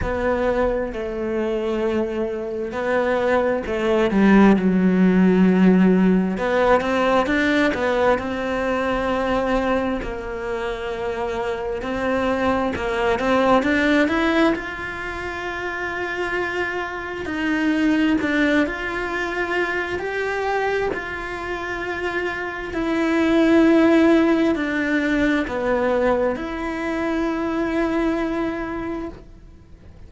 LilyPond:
\new Staff \with { instrumentName = "cello" } { \time 4/4 \tempo 4 = 66 b4 a2 b4 | a8 g8 fis2 b8 c'8 | d'8 b8 c'2 ais4~ | ais4 c'4 ais8 c'8 d'8 e'8 |
f'2. dis'4 | d'8 f'4. g'4 f'4~ | f'4 e'2 d'4 | b4 e'2. | }